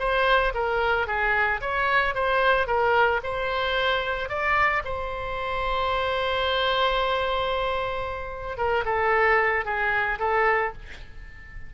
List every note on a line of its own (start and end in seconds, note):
0.00 0.54 C5
0.55 1.08 A#4
1.08 1.61 G#4
1.61 2.15 C#5
2.15 2.67 C5
2.67 3.21 A#4
3.24 4.30 C5
4.30 4.83 D5
4.85 8.58 C5
8.58 8.85 A#4
8.85 9.66 A4
9.66 10.19 G#4
10.20 10.73 A4